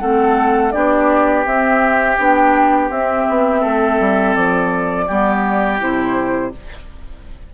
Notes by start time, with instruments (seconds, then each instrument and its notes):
0.00 bassoon A3, clarinet C4, oboe A4, flute F#5
0.72 bassoon B3, clarinet D4, oboe G4, flute D5
1.46 bassoon C4, clarinet C4, flute E5
2.19 bassoon B3, clarinet D4, flute G5
2.90 bassoon C4, clarinet C4, flute E5
3.29 bassoon B3
3.61 bassoon A3, oboe A4
4.00 bassoon G3
4.36 bassoon F3, flute D5
5.07 bassoon G3, clarinet B3, oboe G4
5.80 bassoon C3, clarinet E4, flute C5